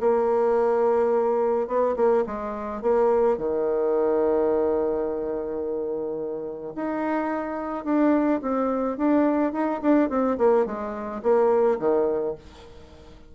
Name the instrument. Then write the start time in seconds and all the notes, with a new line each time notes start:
bassoon
0.00 A#3
1.67 B3
1.96 A#3
2.26 G#3
2.82 A#3
3.37 D#3
6.75 D#4
7.85 D4
8.42 C4
8.97 D4
9.53 D#4
9.82 D4
10.09 C4
10.38 A#3
10.66 G#3
11.23 A#3
11.79 D#3